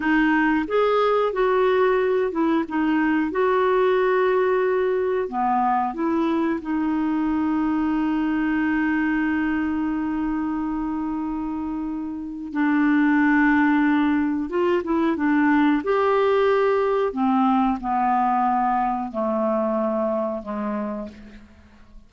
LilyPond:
\new Staff \with { instrumentName = "clarinet" } { \time 4/4 \tempo 4 = 91 dis'4 gis'4 fis'4. e'8 | dis'4 fis'2. | b4 e'4 dis'2~ | dis'1~ |
dis'2. d'4~ | d'2 f'8 e'8 d'4 | g'2 c'4 b4~ | b4 a2 gis4 | }